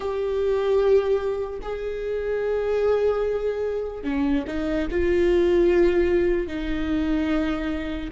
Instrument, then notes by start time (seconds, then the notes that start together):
viola
0.00 G4
1.61 G#4
4.03 C#4
4.47 D#4
4.91 F4
6.47 D#4